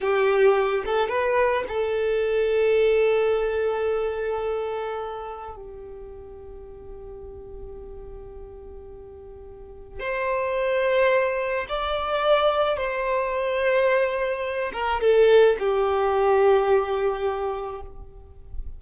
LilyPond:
\new Staff \with { instrumentName = "violin" } { \time 4/4 \tempo 4 = 108 g'4. a'8 b'4 a'4~ | a'1~ | a'2 g'2~ | g'1~ |
g'2 c''2~ | c''4 d''2 c''4~ | c''2~ c''8 ais'8 a'4 | g'1 | }